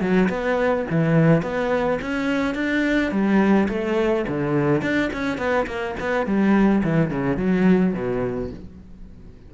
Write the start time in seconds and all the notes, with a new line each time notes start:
0.00 F#3
0.29 B3
0.90 E3
1.42 B3
2.01 C#4
2.54 D4
3.11 G3
3.68 A3
4.27 D3
4.81 D4
5.13 C#4
5.37 B3
5.66 A#3
5.99 B3
6.26 G3
6.83 E3
7.10 C#3
7.37 F#3
7.93 B2